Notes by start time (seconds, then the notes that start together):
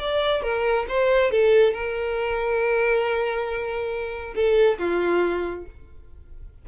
0.00 D5
0.43 A#4
0.89 C5
1.32 A4
1.74 A#4
4.35 A4
4.79 F4